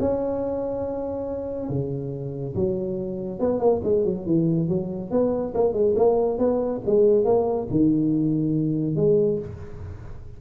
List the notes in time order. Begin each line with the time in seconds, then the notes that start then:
0.00 C#4
1.69 C#3
2.55 F#3
3.40 B3
3.60 A#3
3.84 G#3
4.05 F#3
4.26 E3
4.69 F#3
5.11 B3
5.54 A#3
5.73 G#3
5.96 A#3
6.39 B3
6.86 G#3
7.25 A#3
7.70 D#3
8.96 G#3